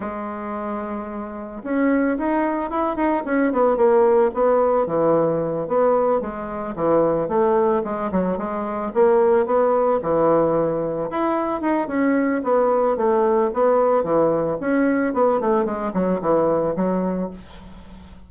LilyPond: \new Staff \with { instrumentName = "bassoon" } { \time 4/4 \tempo 4 = 111 gis2. cis'4 | dis'4 e'8 dis'8 cis'8 b8 ais4 | b4 e4. b4 gis8~ | gis8 e4 a4 gis8 fis8 gis8~ |
gis8 ais4 b4 e4.~ | e8 e'4 dis'8 cis'4 b4 | a4 b4 e4 cis'4 | b8 a8 gis8 fis8 e4 fis4 | }